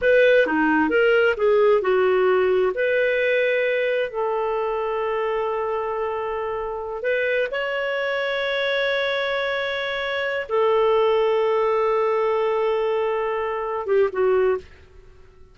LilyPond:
\new Staff \with { instrumentName = "clarinet" } { \time 4/4 \tempo 4 = 132 b'4 dis'4 ais'4 gis'4 | fis'2 b'2~ | b'4 a'2.~ | a'2.~ a'8 b'8~ |
b'8 cis''2.~ cis''8~ | cis''2. a'4~ | a'1~ | a'2~ a'8 g'8 fis'4 | }